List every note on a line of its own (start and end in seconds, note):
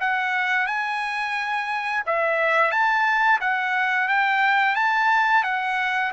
0.00 0.67 F#5
0.67 2.03 G#5
2.06 2.71 E5
2.71 3.40 A5
3.41 4.08 F#5
4.08 4.75 G5
4.75 5.44 A5
5.44 6.12 F#5